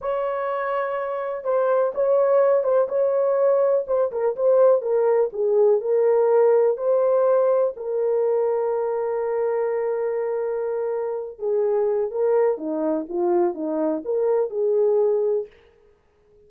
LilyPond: \new Staff \with { instrumentName = "horn" } { \time 4/4 \tempo 4 = 124 cis''2. c''4 | cis''4. c''8 cis''2 | c''8 ais'8 c''4 ais'4 gis'4 | ais'2 c''2 |
ais'1~ | ais'2.~ ais'8 gis'8~ | gis'4 ais'4 dis'4 f'4 | dis'4 ais'4 gis'2 | }